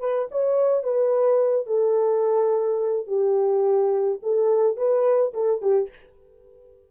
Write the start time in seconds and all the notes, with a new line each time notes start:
0.00 B4
0.31 C#5
0.84 B4
1.67 A4
3.07 G4
4.22 A4
4.77 B4
5.34 A4
5.62 G4